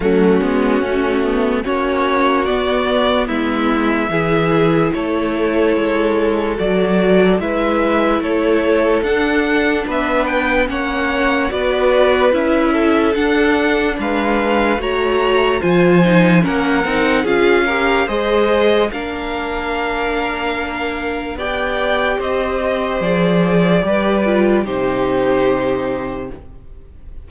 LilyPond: <<
  \new Staff \with { instrumentName = "violin" } { \time 4/4 \tempo 4 = 73 fis'2 cis''4 d''4 | e''2 cis''2 | d''4 e''4 cis''4 fis''4 | e''8 g''8 fis''4 d''4 e''4 |
fis''4 f''4 ais''4 gis''4 | fis''4 f''4 dis''4 f''4~ | f''2 g''4 dis''4 | d''2 c''2 | }
  \new Staff \with { instrumentName = "violin" } { \time 4/4 cis'2 fis'2 | e'4 gis'4 a'2~ | a'4 b'4 a'2 | b'4 cis''4 b'4. a'8~ |
a'4 b'4 cis''4 c''4 | ais'4 gis'8 ais'8 c''4 ais'4~ | ais'2 d''4 c''4~ | c''4 b'4 g'2 | }
  \new Staff \with { instrumentName = "viola" } { \time 4/4 a8 b8 cis'8 b8 cis'4 b4~ | b4 e'2. | fis'4 e'2 d'4~ | d'4 cis'4 fis'4 e'4 |
d'2 fis'4 f'8 dis'8 | cis'8 dis'8 f'8 g'8 gis'4 d'4~ | d'2 g'2 | gis'4 g'8 f'8 dis'2 | }
  \new Staff \with { instrumentName = "cello" } { \time 4/4 fis8 gis8 a4 ais4 b4 | gis4 e4 a4 gis4 | fis4 gis4 a4 d'4 | b4 ais4 b4 cis'4 |
d'4 gis4 a4 f4 | ais8 c'8 cis'4 gis4 ais4~ | ais2 b4 c'4 | f4 g4 c2 | }
>>